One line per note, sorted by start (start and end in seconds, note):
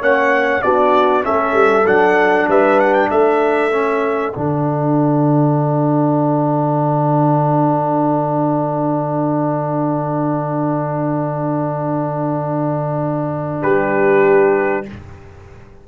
0.00 0.63 A#3
0.00 0.62 C#4
0.00 0.62 C#5
0.00 0.62 F#5
0.62 1.25 B3
0.62 1.22 D4
0.62 1.25 F#4
0.62 1.23 D5
1.22 1.53 A3
1.22 1.84 C#4
1.22 2.49 A4
1.22 1.86 E5
1.53 1.84 G3
1.85 2.47 F#3
1.85 3.71 D4
1.85 2.49 F#5
2.48 3.10 G3
2.48 3.11 B4
2.48 2.80 E5
2.80 2.93 F#5
2.93 3.09 G5
3.10 4.34 A3
3.10 13.62 A4
3.10 4.33 E5
3.71 4.33 C#4
4.33 13.64 D3
4.33 14.86 D4
4.33 13.61 F#5
13.62 14.87 G3
13.62 14.85 G4
13.62 14.86 B4